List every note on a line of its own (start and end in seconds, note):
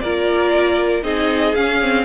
0.00 1.03 A#3
0.00 1.03 F4
0.00 1.04 A#4
0.00 1.03 D5
1.03 1.55 C4
1.03 1.54 D#4
1.03 2.05 G#4
1.03 1.55 D#5
1.55 2.05 C#4
1.55 1.82 C#4
1.55 2.05 F5
1.82 2.05 C4